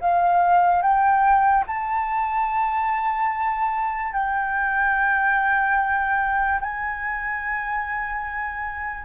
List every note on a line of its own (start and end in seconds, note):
0.00 0.82 F5
0.82 1.64 G5
1.67 4.13 A5
4.13 6.59 G5
6.60 9.04 G#5